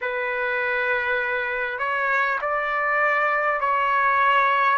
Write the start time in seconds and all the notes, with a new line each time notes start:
0.01 B4
1.78 C#5
2.41 D5
3.60 C#5